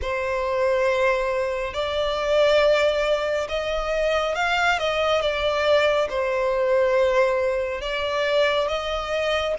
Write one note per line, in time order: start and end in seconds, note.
0.01 1.74 C5
1.74 3.47 D5
3.48 4.35 D#5
4.35 4.78 F5
4.78 5.21 D#5
5.21 6.08 D5
6.09 7.81 C5
7.81 8.68 D5
8.68 9.55 D#5